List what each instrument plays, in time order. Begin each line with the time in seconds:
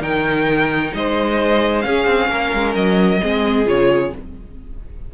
0.00 cello D#3, viola D#4, violin A#4 G5
0.94 cello G#3, violin C5 D#5
1.81 viola C#4, cello C#4, violin G#4 F5
2.05 cello C4
2.29 cello A#3, violin A#4
2.53 cello G#3
2.75 cello F#3, violin D#5
3.22 cello G#3, viola C4, violin G#4
3.65 cello C#3, viola F4, violin C#5